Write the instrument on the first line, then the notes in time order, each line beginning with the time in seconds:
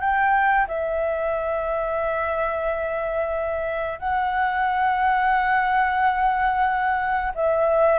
flute
0.00 G5
0.67 E5
3.99 F#5
7.35 E5